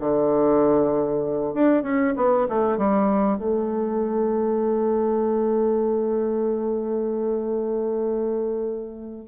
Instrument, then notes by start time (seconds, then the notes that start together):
bassoon
0.00 D3
1.54 D4
1.83 C#4
2.16 B3
2.49 A3
2.78 G3
3.38 A3